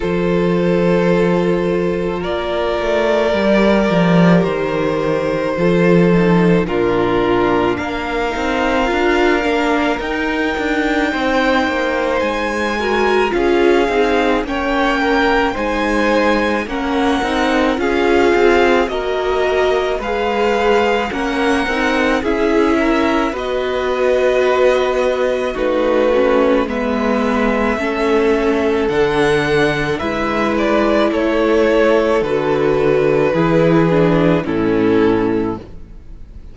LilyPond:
<<
  \new Staff \with { instrumentName = "violin" } { \time 4/4 \tempo 4 = 54 c''2 d''2 | c''2 ais'4 f''4~ | f''4 g''2 gis''4 | f''4 g''4 gis''4 fis''4 |
f''4 dis''4 f''4 fis''4 | e''4 dis''2 b'4 | e''2 fis''4 e''8 d''8 | cis''4 b'2 a'4 | }
  \new Staff \with { instrumentName = "violin" } { \time 4/4 a'2 ais'2~ | ais'4 a'4 f'4 ais'4~ | ais'2 c''4. ais'8 | gis'4 cis''8 ais'8 c''4 ais'4 |
gis'4 ais'4 b'4 ais'4 | gis'8 ais'8 b'2 fis'4 | b'4 a'2 b'4 | a'2 gis'4 e'4 | }
  \new Staff \with { instrumentName = "viola" } { \time 4/4 f'2. g'4~ | g'4 f'8 dis'8 d'4. dis'8 | f'8 d'8 dis'2~ dis'8 fis'8 | f'8 dis'8 cis'4 dis'4 cis'8 dis'8 |
f'4 fis'4 gis'4 cis'8 dis'8 | e'4 fis'2 dis'8 cis'8 | b4 cis'4 d'4 e'4~ | e'4 fis'4 e'8 d'8 cis'4 | }
  \new Staff \with { instrumentName = "cello" } { \time 4/4 f2 ais8 a8 g8 f8 | dis4 f4 ais,4 ais8 c'8 | d'8 ais8 dis'8 d'8 c'8 ais8 gis4 | cis'8 c'8 ais4 gis4 ais8 c'8 |
cis'8 c'8 ais4 gis4 ais8 c'8 | cis'4 b2 a4 | gis4 a4 d4 gis4 | a4 d4 e4 a,4 | }
>>